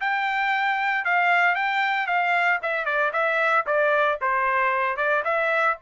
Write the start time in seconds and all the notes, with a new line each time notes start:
0.00 G5
1.04 F5
1.55 G5
2.06 F5
2.62 E5
2.85 D5
3.12 E5
3.66 D5
4.21 C5
4.97 D5
5.24 E5